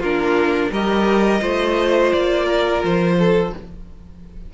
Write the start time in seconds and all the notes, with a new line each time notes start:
0.00 A#3 D4 F4 A#4
0.71 G3 G4 A#4 D#5
1.41 A3 F4 C5
2.13 A#3 D5
2.45 A#4
2.83 F3 C5
3.18 A4